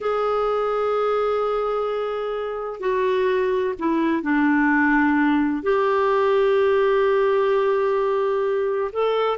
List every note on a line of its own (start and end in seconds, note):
0.00 2.80 G#4
2.80 3.74 F#4
3.79 4.22 E4
4.22 5.62 D4
5.62 8.91 G4
8.92 9.38 A4